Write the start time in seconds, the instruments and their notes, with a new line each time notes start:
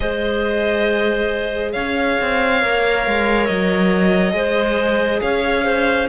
0.00 cello G#3, viola G#4, clarinet C5, violin D#5
1.72 cello C#4, clarinet C#5, violin F5
2.20 cello C4
2.60 cello A#3, viola A#4
3.07 cello G#3
3.46 cello F#3, violin D#5
4.31 cello G#3, viola G#4, clarinet C5
5.21 cello C#4, clarinet C#5, violin F5
5.64 clarinet C5